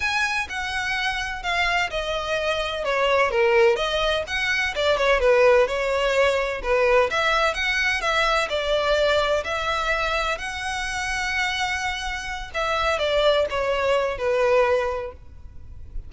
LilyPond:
\new Staff \with { instrumentName = "violin" } { \time 4/4 \tempo 4 = 127 gis''4 fis''2 f''4 | dis''2 cis''4 ais'4 | dis''4 fis''4 d''8 cis''8 b'4 | cis''2 b'4 e''4 |
fis''4 e''4 d''2 | e''2 fis''2~ | fis''2~ fis''8 e''4 d''8~ | d''8 cis''4. b'2 | }